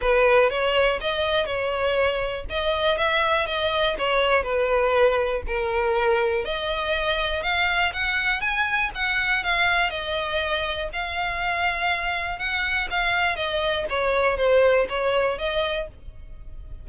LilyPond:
\new Staff \with { instrumentName = "violin" } { \time 4/4 \tempo 4 = 121 b'4 cis''4 dis''4 cis''4~ | cis''4 dis''4 e''4 dis''4 | cis''4 b'2 ais'4~ | ais'4 dis''2 f''4 |
fis''4 gis''4 fis''4 f''4 | dis''2 f''2~ | f''4 fis''4 f''4 dis''4 | cis''4 c''4 cis''4 dis''4 | }